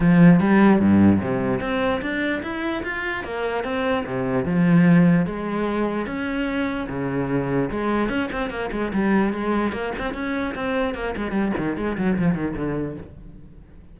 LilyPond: \new Staff \with { instrumentName = "cello" } { \time 4/4 \tempo 4 = 148 f4 g4 g,4 c4 | c'4 d'4 e'4 f'4 | ais4 c'4 c4 f4~ | f4 gis2 cis'4~ |
cis'4 cis2 gis4 | cis'8 c'8 ais8 gis8 g4 gis4 | ais8 c'8 cis'4 c'4 ais8 gis8 | g8 dis8 gis8 fis8 f8 dis8 d4 | }